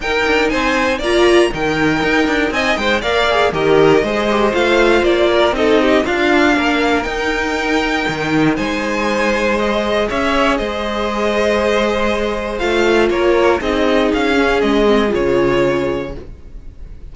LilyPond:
<<
  \new Staff \with { instrumentName = "violin" } { \time 4/4 \tempo 4 = 119 g''4 gis''4 ais''4 g''4~ | g''4 gis''8 g''8 f''4 dis''4~ | dis''4 f''4 d''4 dis''4 | f''2 g''2~ |
g''4 gis''2 dis''4 | e''4 dis''2.~ | dis''4 f''4 cis''4 dis''4 | f''4 dis''4 cis''2 | }
  \new Staff \with { instrumentName = "violin" } { \time 4/4 ais'4 c''4 d''4 ais'4~ | ais'4 dis''8 c''8 d''4 ais'4 | c''2~ c''8 ais'8 a'8 g'8 | f'4 ais'2.~ |
ais'4 c''2. | cis''4 c''2.~ | c''2 ais'4 gis'4~ | gis'1 | }
  \new Staff \with { instrumentName = "viola" } { \time 4/4 dis'2 f'4 dis'4~ | dis'2 ais'8 gis'8 g'4 | gis'8 g'8 f'2 dis'4 | d'2 dis'2~ |
dis'2. gis'4~ | gis'1~ | gis'4 f'2 dis'4~ | dis'8 cis'4 c'8 f'2 | }
  \new Staff \with { instrumentName = "cello" } { \time 4/4 dis'8 d'8 c'4 ais4 dis4 | dis'8 d'8 c'8 gis8 ais4 dis4 | gis4 a4 ais4 c'4 | d'4 ais4 dis'2 |
dis4 gis2. | cis'4 gis2.~ | gis4 a4 ais4 c'4 | cis'4 gis4 cis2 | }
>>